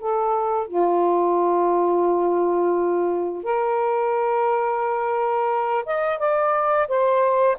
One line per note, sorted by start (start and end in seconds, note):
0.00 0.68 A4
0.68 3.44 F4
3.44 5.85 A#4
5.86 6.19 D#5
6.19 6.88 D5
6.88 7.57 C5